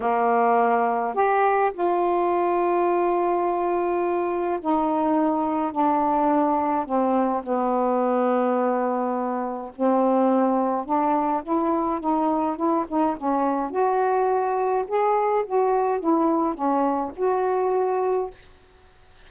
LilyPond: \new Staff \with { instrumentName = "saxophone" } { \time 4/4 \tempo 4 = 105 ais2 g'4 f'4~ | f'1 | dis'2 d'2 | c'4 b2.~ |
b4 c'2 d'4 | e'4 dis'4 e'8 dis'8 cis'4 | fis'2 gis'4 fis'4 | e'4 cis'4 fis'2 | }